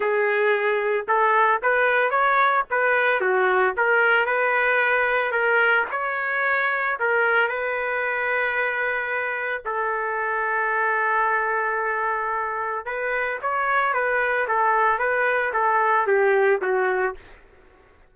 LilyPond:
\new Staff \with { instrumentName = "trumpet" } { \time 4/4 \tempo 4 = 112 gis'2 a'4 b'4 | cis''4 b'4 fis'4 ais'4 | b'2 ais'4 cis''4~ | cis''4 ais'4 b'2~ |
b'2 a'2~ | a'1 | b'4 cis''4 b'4 a'4 | b'4 a'4 g'4 fis'4 | }